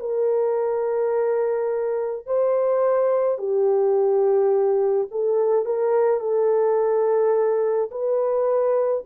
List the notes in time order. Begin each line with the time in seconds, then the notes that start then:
0.00 A#4
2.26 C5
3.38 G4
5.11 A4
5.66 A#4
6.20 A4
7.91 B4